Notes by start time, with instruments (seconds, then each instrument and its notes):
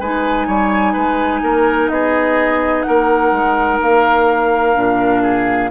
0.00 bassoon G#3, clarinet D#4, oboe B4, flute G#5
0.48 bassoon G3, oboe C#5
0.93 bassoon G#3, oboe B4
1.43 bassoon A#3, oboe A#4
1.89 bassoon B3, oboe G#4, flute D#5
2.83 bassoon A#3, oboe A#4, flute F#5
3.32 bassoon G#3
3.82 bassoon A#3, flute F5
4.74 bassoon A#2, clarinet D4
5.23 oboe G#4